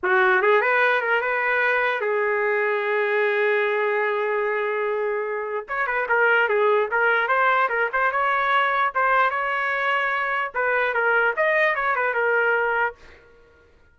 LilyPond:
\new Staff \with { instrumentName = "trumpet" } { \time 4/4 \tempo 4 = 148 fis'4 gis'8 b'4 ais'8 b'4~ | b'4 gis'2.~ | gis'1~ | gis'2 cis''8 b'8 ais'4 |
gis'4 ais'4 c''4 ais'8 c''8 | cis''2 c''4 cis''4~ | cis''2 b'4 ais'4 | dis''4 cis''8 b'8 ais'2 | }